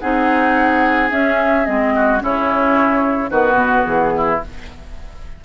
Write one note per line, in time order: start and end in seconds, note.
0.00 1.12 C4
0.00 1.10 D#4
0.00 1.94 G#4
0.00 1.10 F#5
1.10 1.65 C#4
1.10 1.67 C#4
1.10 1.66 E5
1.65 2.23 G#3
1.65 2.20 C4
1.65 2.21 D#5
1.96 2.23 F#4
2.20 3.31 C#3
2.20 3.30 C#4
2.20 3.31 E4
2.20 3.31 C#5
3.31 3.54 D#3
3.31 4.41 B3
3.31 4.13 F#4
3.31 3.85 B4
3.54 3.82 B2
3.85 4.41 E3
3.85 4.40 G#4
4.17 4.45 E4